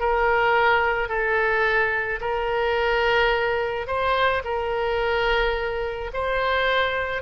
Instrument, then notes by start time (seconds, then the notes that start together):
oboe
0.00 A#4
1.09 A4
2.21 A#4
3.87 C5
4.45 A#4
6.13 C5